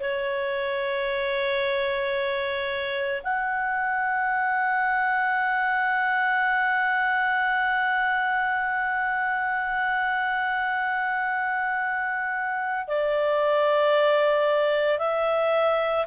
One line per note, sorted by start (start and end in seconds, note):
0.00 3.21 C#5
3.23 12.87 F#5
12.87 14.99 D5
14.99 16.06 E5